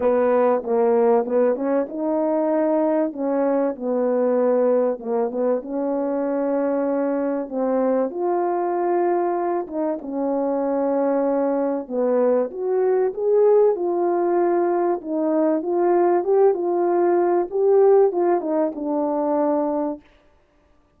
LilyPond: \new Staff \with { instrumentName = "horn" } { \time 4/4 \tempo 4 = 96 b4 ais4 b8 cis'8 dis'4~ | dis'4 cis'4 b2 | ais8 b8 cis'2. | c'4 f'2~ f'8 dis'8 |
cis'2. b4 | fis'4 gis'4 f'2 | dis'4 f'4 g'8 f'4. | g'4 f'8 dis'8 d'2 | }